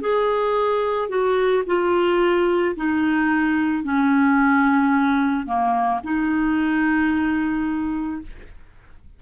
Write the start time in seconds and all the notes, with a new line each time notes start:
0.00 G#4
1.09 F#4
1.66 F4
2.76 D#4
3.83 C#4
5.46 A#3
6.03 D#4